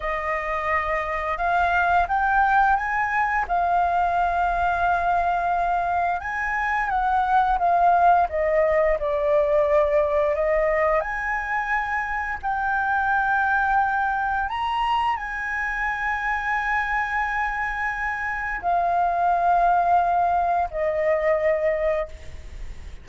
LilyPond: \new Staff \with { instrumentName = "flute" } { \time 4/4 \tempo 4 = 87 dis''2 f''4 g''4 | gis''4 f''2.~ | f''4 gis''4 fis''4 f''4 | dis''4 d''2 dis''4 |
gis''2 g''2~ | g''4 ais''4 gis''2~ | gis''2. f''4~ | f''2 dis''2 | }